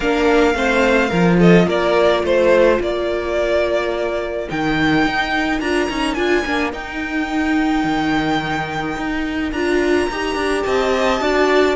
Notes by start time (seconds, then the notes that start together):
0.00 A#3 D4 A#4 F5
0.54 A3 C4 C5
1.08 F3 F4 A#4
1.39 A4 D#5
1.67 A#3 A#4 D5
2.23 A3 C5
2.80 A#3 A#4 D5
4.48 D#3 D#4 G5
5.05 D#4
5.60 D4 F4 A#5
5.89 C#4 D#4
6.13 D4 F4 G#5
6.45 A#3 D4
6.72 D#4 G5
7.84 D#3
8.96 D#4
9.51 D4 F4 A#5
10.09 D#4 G4
10.35 D4
10.63 C4 D#5 A5
11.20 D4 F#4 D5